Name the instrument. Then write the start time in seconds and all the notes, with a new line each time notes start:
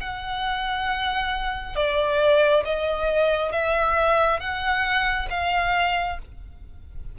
violin
0.00 F#5
1.75 D5
2.64 D#5
3.52 E5
4.40 F#5
5.30 F5